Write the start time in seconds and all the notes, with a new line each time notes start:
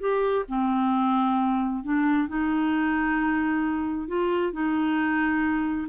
0.00 G4
0.49 C4
1.84 D4
2.28 D#4
4.08 F4
4.53 D#4